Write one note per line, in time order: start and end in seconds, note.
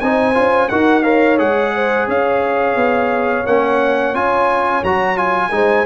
0.00 0.36 C4
0.00 0.34 D#4
0.00 0.70 C5
0.00 0.69 G#5
0.34 0.70 C#4
0.34 0.69 F4
0.69 1.40 D#4
0.69 1.03 F#4
0.69 1.03 A#4
0.69 1.03 F#5
1.03 1.38 A#4
1.03 1.72 C#5
1.03 1.38 F5
1.38 2.07 G#3
1.38 3.45 G#4
1.38 2.08 F#5
1.75 2.07 C5
2.07 2.75 C#4
2.07 5.52 C#5
2.07 3.46 F5
2.75 3.44 B3
3.46 4.13 A#3
3.46 4.14 C#4
3.46 4.15 F#5
4.13 4.82 C#4
4.13 4.83 F4
4.13 4.83 G#5
4.83 5.51 F#3
4.83 5.16 F#4
4.83 5.18 A#5
5.16 5.50 F4
5.16 5.86 G#5
5.51 5.85 G#3
5.51 5.85 D#4
5.51 5.86 C5